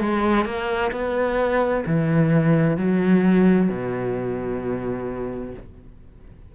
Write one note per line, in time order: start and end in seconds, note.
0.00 0.45 G#3
0.45 0.91 A#3
0.91 1.84 B3
1.86 2.77 E3
2.77 3.69 F#3
3.69 5.54 B2